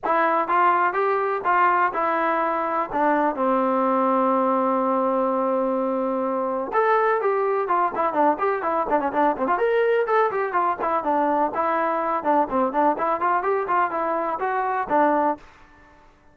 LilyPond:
\new Staff \with { instrumentName = "trombone" } { \time 4/4 \tempo 4 = 125 e'4 f'4 g'4 f'4 | e'2 d'4 c'4~ | c'1~ | c'2 a'4 g'4 |
f'8 e'8 d'8 g'8 e'8 d'16 cis'16 d'8 c'16 f'16 | ais'4 a'8 g'8 f'8 e'8 d'4 | e'4. d'8 c'8 d'8 e'8 f'8 | g'8 f'8 e'4 fis'4 d'4 | }